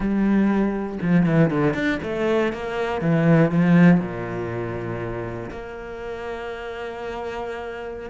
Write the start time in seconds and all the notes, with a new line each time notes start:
0.00 G3
1.02 F3
1.25 E3
1.50 D3
1.73 D4
2.02 A3
2.52 A#3
3.01 E3
3.51 F3
4.00 A#2
5.50 A#3